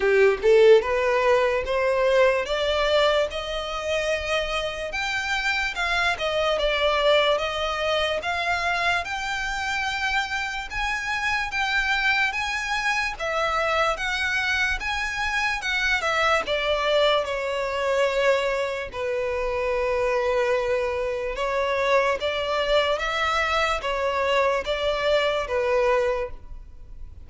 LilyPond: \new Staff \with { instrumentName = "violin" } { \time 4/4 \tempo 4 = 73 g'8 a'8 b'4 c''4 d''4 | dis''2 g''4 f''8 dis''8 | d''4 dis''4 f''4 g''4~ | g''4 gis''4 g''4 gis''4 |
e''4 fis''4 gis''4 fis''8 e''8 | d''4 cis''2 b'4~ | b'2 cis''4 d''4 | e''4 cis''4 d''4 b'4 | }